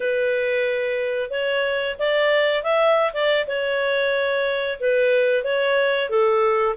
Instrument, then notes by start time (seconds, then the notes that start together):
clarinet
0.00 B4
1.30 C#5
1.98 D5
2.63 E5
3.13 D5
3.47 C#5
4.80 B4
5.43 C#5
6.09 A4